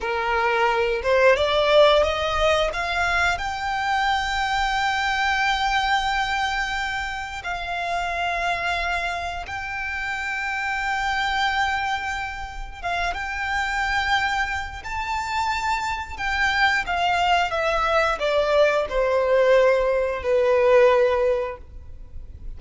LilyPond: \new Staff \with { instrumentName = "violin" } { \time 4/4 \tempo 4 = 89 ais'4. c''8 d''4 dis''4 | f''4 g''2.~ | g''2. f''4~ | f''2 g''2~ |
g''2. f''8 g''8~ | g''2 a''2 | g''4 f''4 e''4 d''4 | c''2 b'2 | }